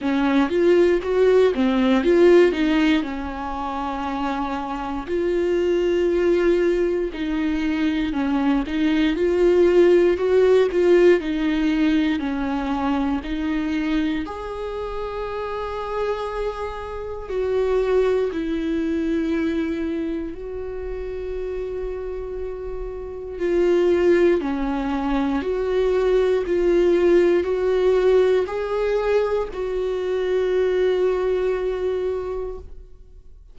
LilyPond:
\new Staff \with { instrumentName = "viola" } { \time 4/4 \tempo 4 = 59 cis'8 f'8 fis'8 c'8 f'8 dis'8 cis'4~ | cis'4 f'2 dis'4 | cis'8 dis'8 f'4 fis'8 f'8 dis'4 | cis'4 dis'4 gis'2~ |
gis'4 fis'4 e'2 | fis'2. f'4 | cis'4 fis'4 f'4 fis'4 | gis'4 fis'2. | }